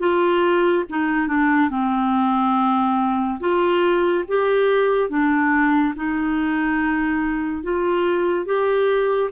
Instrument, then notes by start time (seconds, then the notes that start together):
clarinet
0.00 F4
0.90 D#4
1.28 D4
1.70 C4
3.40 F4
4.28 G4
5.10 D4
5.96 D#4
7.64 F4
8.46 G4